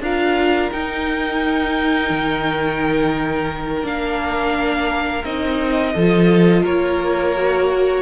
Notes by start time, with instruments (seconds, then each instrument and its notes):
0.00 cello D4, viola F4, violin A#4 F5
0.71 viola D#4, cello D#4, violin G5
2.10 cello D#3
3.83 cello A#3, viola D4, violin F5
5.24 cello C4, viola D#4, violin D#5
5.93 cello F3, viola F4, violin A4
6.63 cello A#3, violin A#4 C#5
7.36 viola F#4